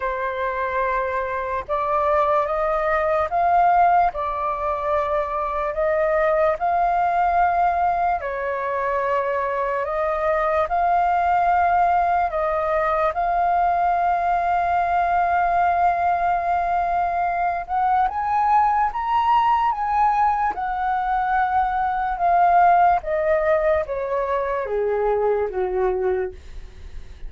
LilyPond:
\new Staff \with { instrumentName = "flute" } { \time 4/4 \tempo 4 = 73 c''2 d''4 dis''4 | f''4 d''2 dis''4 | f''2 cis''2 | dis''4 f''2 dis''4 |
f''1~ | f''4. fis''8 gis''4 ais''4 | gis''4 fis''2 f''4 | dis''4 cis''4 gis'4 fis'4 | }